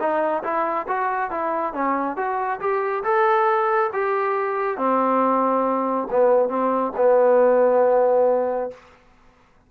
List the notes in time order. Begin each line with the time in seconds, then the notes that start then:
0.00 D#4
0.43 E4
0.88 F#4
1.31 E4
1.74 C#4
2.17 F#4
2.60 G4
3.04 A4
3.93 G4
4.78 C4
6.11 B3
6.49 C4
6.97 B3